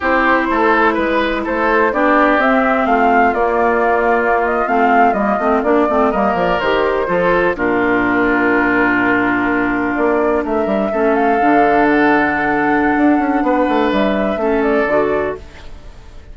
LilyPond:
<<
  \new Staff \with { instrumentName = "flute" } { \time 4/4 \tempo 4 = 125 c''2 b'4 c''4 | d''4 e''4 f''4 d''4~ | d''4~ d''16 dis''8 f''4 dis''4 d''16~ | d''8. dis''8 d''8 c''2 ais'16~ |
ais'1~ | ais'8. d''4 e''4. f''8.~ | f''8. fis''2.~ fis''16~ | fis''4 e''4. d''4. | }
  \new Staff \with { instrumentName = "oboe" } { \time 4/4 g'4 a'4 b'4 a'4 | g'2 f'2~ | f'1~ | f'8. ais'2 a'4 f'16~ |
f'1~ | f'4.~ f'16 ais'4 a'4~ a'16~ | a'1 | b'2 a'2 | }
  \new Staff \with { instrumentName = "clarinet" } { \time 4/4 e'1 | d'4 c'2 ais4~ | ais4.~ ais16 c'4 ais8 c'8 d'16~ | d'16 c'8 ais4 g'4 f'4 d'16~ |
d'1~ | d'2~ d'8. cis'4 d'16~ | d'1~ | d'2 cis'4 fis'4 | }
  \new Staff \with { instrumentName = "bassoon" } { \time 4/4 c'4 a4 gis4 a4 | b4 c'4 a4 ais4~ | ais4.~ ais16 a4 g8 a8 ais16~ | ais16 a8 g8 f8 dis4 f4 ais,16~ |
ais,1~ | ais,8. ais4 a8 g8 a4 d16~ | d2. d'8 cis'8 | b8 a8 g4 a4 d4 | }
>>